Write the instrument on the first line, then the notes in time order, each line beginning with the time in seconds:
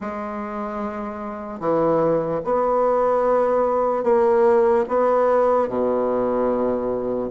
bassoon
0.00 G#3
1.60 E3
2.44 B3
4.03 A#3
4.88 B3
5.68 B2